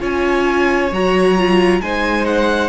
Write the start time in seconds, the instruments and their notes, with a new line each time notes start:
0.00 cello C#4, viola F4, violin C#5 G#5
0.92 cello F#3, viola F#4, violin A#5
1.37 viola F4
1.81 cello G#3, viola D#4, violin C5 G#5
2.26 violin F#5